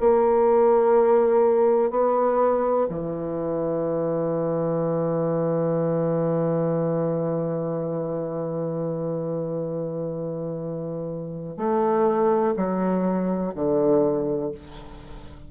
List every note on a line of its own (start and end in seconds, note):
0.00 1.90 A#3
1.90 2.87 B3
2.89 11.57 E3
11.57 12.54 A3
12.56 13.53 F#3
13.54 14.51 D3